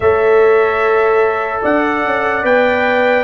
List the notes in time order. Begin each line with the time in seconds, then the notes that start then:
0.00 A3 A4 C#5 E5
1.62 D4 D5 F#5
2.04 C#4
2.43 B3 B4 G5